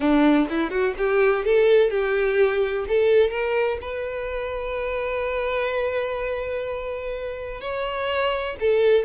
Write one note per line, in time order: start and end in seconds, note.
0.00 0.48 D4
0.49 0.70 E4
0.70 0.94 F#4
0.97 1.45 G4
1.45 1.90 A4
1.90 2.85 G4
2.87 3.30 A4
3.30 3.78 A#4
3.81 7.60 B4
7.60 8.56 C#5
8.60 9.05 A4